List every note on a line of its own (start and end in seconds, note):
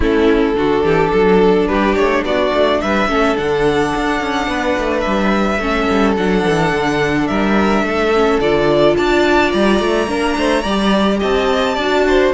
0.00 0.54 A3
0.00 0.56 C#4
0.00 0.56 E4
0.00 1.67 A4
0.54 0.82 D3
0.54 3.08 D4
0.54 0.84 F#4
0.83 1.11 E3
0.83 1.12 G4
1.12 1.69 F#3
1.12 1.68 A4
1.67 1.97 G3
1.67 2.24 G4
1.67 1.95 B4
1.96 2.23 A3
1.96 2.24 C#5
2.23 2.51 B3
2.23 2.81 F#4
2.23 2.80 D5
2.53 2.81 A3
2.80 3.08 G3
2.80 3.10 B4
2.80 3.36 E5
3.08 3.36 A3
3.08 3.35 C#4
3.08 4.50 A4
3.35 3.94 D3
3.35 5.59 D4
3.35 5.00 F#5
3.95 4.20 D4
4.20 4.47 C#4
4.47 4.75 B3
4.47 5.61 B4
4.77 5.05 A3
5.00 5.57 G3
5.00 6.12 E5
5.57 5.86 A3
5.57 6.16 C#4
5.57 7.29 A4
5.89 6.17 G3
6.16 6.45 F#3
6.16 8.13 D4
6.16 7.27 F#5
6.49 6.72 E3
6.72 7.28 D3
7.27 7.81 G3
7.27 7.85 A#4
7.27 8.39 E5
7.81 8.37 A3
7.81 8.97 A4
8.14 8.41 C#4
8.40 8.96 D3
8.40 10.07 F4
8.40 8.96 D5
8.96 9.53 D4
8.96 10.09 D5
8.96 9.51 A5
9.51 9.79 G3
9.51 11.19 A#5
9.79 10.07 A3
10.07 10.35 A#3
10.07 10.63 D4
10.07 10.37 A#4
10.37 10.64 A3
10.37 10.61 C5
10.61 11.20 G3
10.61 11.18 D5
10.68 11.79 G4
11.19 11.77 C4
11.19 11.74 D#5
11.19 12.33 A5
11.74 12.33 D4
11.74 12.33 F#4
11.74 12.02 D5
12.07 12.33 C5